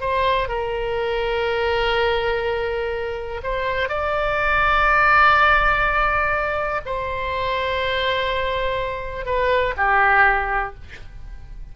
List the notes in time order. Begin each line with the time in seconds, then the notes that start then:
0.00 C5
0.48 A#4
3.43 C5
3.88 D5
6.85 C5
9.25 B4
9.76 G4